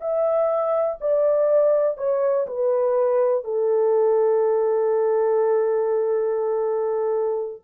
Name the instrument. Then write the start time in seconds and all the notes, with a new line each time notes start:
horn
0.00 E5
1.00 D5
1.97 C#5
2.46 B4
3.44 A4